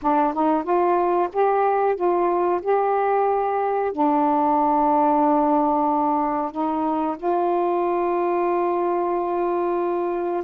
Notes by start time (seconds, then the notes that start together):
0.02 D4
0.33 D#4
0.63 F4
1.33 G4
1.95 F4
2.61 G4
3.91 D4
6.51 D#4
7.17 F4